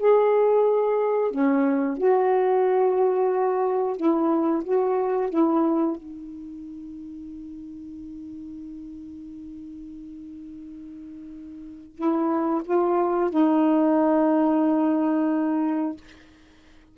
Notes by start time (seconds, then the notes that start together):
0.00 G#4
1.32 C#4
1.98 F#4
3.97 E4
4.65 F#4
5.31 E4
5.97 D#4
11.96 E4
12.65 F4
13.31 D#4